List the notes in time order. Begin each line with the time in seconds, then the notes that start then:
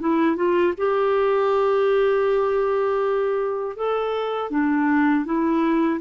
0.00 E4
0.36 F4
0.77 G4
3.76 A4
4.50 D4
5.25 E4